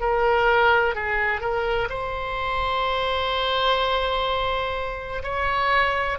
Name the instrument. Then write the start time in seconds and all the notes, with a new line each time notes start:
oboe
0.00 A#4
0.95 G#4
1.41 A#4
1.89 C5
5.23 C#5